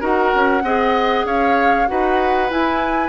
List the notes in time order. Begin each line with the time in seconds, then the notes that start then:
0.00 D#4 F#4 A#4 F#5
0.35 C#4
0.63 C4 G#4 D#5
1.25 C#4 C#5 F5
1.87 D#4 F#4 B4 F#5
2.49 E4 G#5